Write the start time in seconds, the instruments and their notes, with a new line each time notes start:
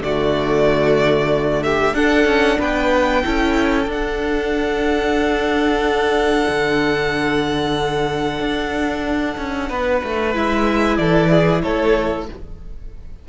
0.00 cello D3, viola A3, violin F#4 D5
1.63 violin G4 E5
1.93 cello D4, viola D4, violin A4 F#5
2.24 cello C#4
2.58 cello B3, violin B4 G5
3.24 cello C#4, viola E4, violin A4
3.86 viola D4, cello D4, violin F#5
6.48 cello D3
8.39 cello D4
9.37 cello C#4
9.69 cello B3, violin B4
10.04 cello A3
10.33 cello G#3, viola E4, violin E5
10.97 cello E3, violin A4 D5
11.30 violin G#4
11.62 cello A3, violin A4 C#5